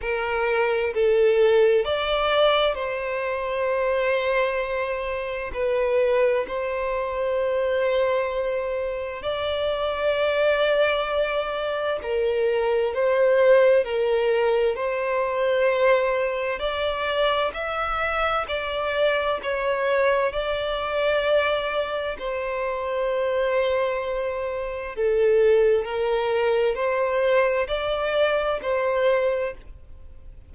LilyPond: \new Staff \with { instrumentName = "violin" } { \time 4/4 \tempo 4 = 65 ais'4 a'4 d''4 c''4~ | c''2 b'4 c''4~ | c''2 d''2~ | d''4 ais'4 c''4 ais'4 |
c''2 d''4 e''4 | d''4 cis''4 d''2 | c''2. a'4 | ais'4 c''4 d''4 c''4 | }